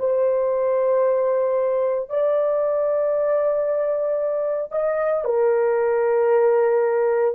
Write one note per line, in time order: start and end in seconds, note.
0.00 2.10 C5
2.10 4.72 D5
4.72 5.25 D#5
5.25 7.35 A#4